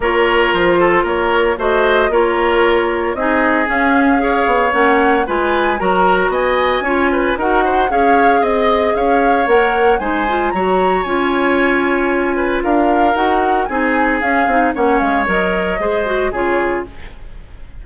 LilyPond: <<
  \new Staff \with { instrumentName = "flute" } { \time 4/4 \tempo 4 = 114 cis''4 c''4 cis''4 dis''4 | cis''2 dis''4 f''4~ | f''4 fis''4 gis''4 ais''4 | gis''2 fis''4 f''4 |
dis''4 f''4 fis''4 gis''4 | ais''4 gis''2. | f''4 fis''4 gis''4 f''4 | fis''8 f''8 dis''2 cis''4 | }
  \new Staff \with { instrumentName = "oboe" } { \time 4/4 ais'4. a'8 ais'4 c''4 | ais'2 gis'2 | cis''2 b'4 ais'4 | dis''4 cis''8 b'8 ais'8 c''8 cis''4 |
dis''4 cis''2 c''4 | cis''2.~ cis''8 b'8 | ais'2 gis'2 | cis''2 c''4 gis'4 | }
  \new Staff \with { instrumentName = "clarinet" } { \time 4/4 f'2. fis'4 | f'2 dis'4 cis'4 | gis'4 cis'4 f'4 fis'4~ | fis'4 f'4 fis'4 gis'4~ |
gis'2 ais'4 dis'8 f'8 | fis'4 f'2.~ | f'4 fis'4 dis'4 cis'8 dis'8 | cis'4 ais'4 gis'8 fis'8 f'4 | }
  \new Staff \with { instrumentName = "bassoon" } { \time 4/4 ais4 f4 ais4 a4 | ais2 c'4 cis'4~ | cis'8 b8 ais4 gis4 fis4 | b4 cis'4 dis'4 cis'4 |
c'4 cis'4 ais4 gis4 | fis4 cis'2. | d'4 dis'4 c'4 cis'8 c'8 | ais8 gis8 fis4 gis4 cis4 | }
>>